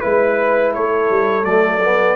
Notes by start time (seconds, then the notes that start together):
0.00 G#3 E4 B4
0.73 A3 A4 C#5
1.10 G3
1.43 F#3 A3 D5
1.83 B3